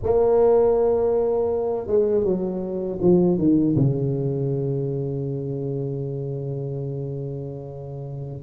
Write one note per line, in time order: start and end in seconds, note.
0.03 1.86 A#3
1.86 2.24 G#3
2.24 2.99 F#3
3.01 3.38 F3
3.38 3.75 D#3
3.76 8.42 C#3